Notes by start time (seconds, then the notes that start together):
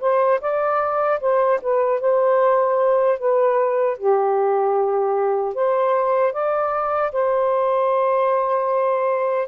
0.00 C5
0.41 D5
1.20 C5
1.61 B4
2.00 C5
3.18 B4
3.97 G4
5.54 C5
6.32 D5
7.12 C5